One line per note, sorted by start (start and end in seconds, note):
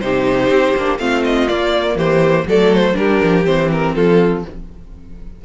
0.00 0.49 C3
0.00 0.75 D#4
0.00 1.00 G4
0.00 0.98 C5
0.49 0.74 C4
0.77 0.99 A#3
0.77 0.99 D4
0.99 1.48 A3
0.99 1.48 C4
0.99 1.96 F4
0.99 1.23 F5
1.24 1.48 D#5
1.48 2.47 A#3
1.48 1.96 A#3
1.48 1.97 D5
1.96 2.45 E3
1.96 2.46 G4
1.96 2.47 C5
2.46 2.96 F#3
2.46 2.93 A3
2.46 2.97 A4
2.46 2.74 D5
2.75 2.96 C5
2.93 3.22 G3
2.93 3.43 D4
2.93 3.95 G4
2.93 3.45 A#4
3.23 3.45 F3
3.45 3.95 E3
3.45 4.43 C4
3.45 3.71 C5
3.72 3.95 A#4
3.95 4.45 F3
3.95 4.44 F4
3.95 4.45 A4